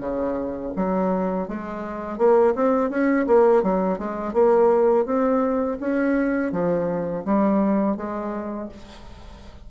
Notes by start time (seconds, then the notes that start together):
0.00 C#3
0.76 F#3
1.48 G#3
2.18 A#3
2.55 C4
2.90 C#4
3.27 A#3
3.63 F#3
3.99 G#3
4.33 A#3
5.06 C4
5.80 C#4
6.52 F3
7.25 G3
7.97 G#3